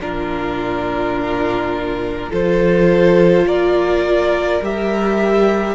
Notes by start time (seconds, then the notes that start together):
0.00 A#2 D4 F4 A#4
2.30 F3 F4 A4 C5
3.45 A#3 A#4 D5
4.62 G3 G4 E5